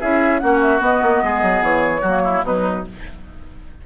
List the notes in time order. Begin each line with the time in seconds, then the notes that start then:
0.00 C#4 E4 G#4 E5
0.39 A#3 C#4 F#4 F#5
0.61 E5
0.78 B3 D#5
1.02 A#3
1.22 G#3 G#4
1.42 F#3
1.61 E3 C#5
2.01 F#3 A#3 F#4
2.24 E4
2.42 B2 F#3 D#4 B4